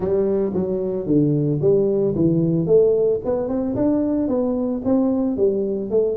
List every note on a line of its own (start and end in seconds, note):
0.00 0.52 G3
0.53 1.06 F#3
1.06 1.59 D3
1.61 2.15 G3
2.15 2.66 E3
2.66 3.19 A3
3.25 3.48 B3
3.48 3.75 C4
3.75 4.28 D4
4.28 4.81 B3
4.85 5.36 C4
5.36 5.90 G3
5.90 6.17 A3